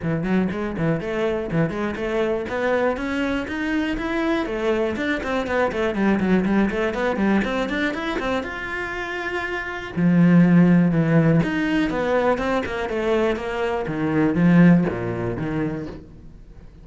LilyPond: \new Staff \with { instrumentName = "cello" } { \time 4/4 \tempo 4 = 121 e8 fis8 gis8 e8 a4 e8 gis8 | a4 b4 cis'4 dis'4 | e'4 a4 d'8 c'8 b8 a8 | g8 fis8 g8 a8 b8 g8 c'8 d'8 |
e'8 c'8 f'2. | f2 e4 dis'4 | b4 c'8 ais8 a4 ais4 | dis4 f4 ais,4 dis4 | }